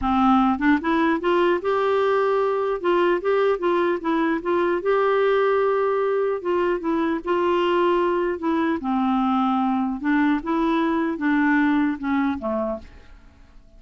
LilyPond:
\new Staff \with { instrumentName = "clarinet" } { \time 4/4 \tempo 4 = 150 c'4. d'8 e'4 f'4 | g'2. f'4 | g'4 f'4 e'4 f'4 | g'1 |
f'4 e'4 f'2~ | f'4 e'4 c'2~ | c'4 d'4 e'2 | d'2 cis'4 a4 | }